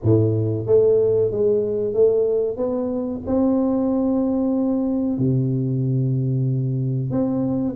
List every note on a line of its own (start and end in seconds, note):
0.03 0.66 A2
0.66 1.31 A3
1.31 1.93 G#3
1.93 2.56 A3
2.56 3.21 B3
3.26 5.18 C4
5.18 7.10 C3
7.10 7.75 C4